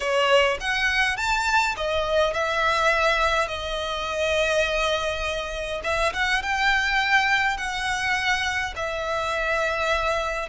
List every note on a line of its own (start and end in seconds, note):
0.00 0.57 C#5
0.60 1.17 F#5
1.17 1.75 A5
1.76 2.33 D#5
2.33 3.48 E5
3.48 5.81 D#5
5.83 6.12 E5
6.13 6.42 F#5
6.42 7.57 G5
7.57 8.74 F#5
8.76 10.49 E5